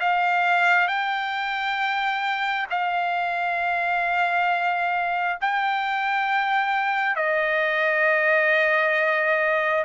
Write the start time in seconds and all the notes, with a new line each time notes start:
0.00 F5
0.88 G5
2.70 F5
5.41 G5
7.16 D#5